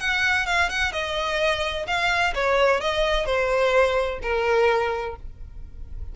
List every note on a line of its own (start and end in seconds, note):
0.00 0.46 F#5
0.46 0.69 F5
0.69 0.92 F#5
0.92 1.86 D#5
1.87 2.34 F5
2.35 2.81 C#5
2.81 3.26 D#5
3.26 4.20 C5
4.22 5.16 A#4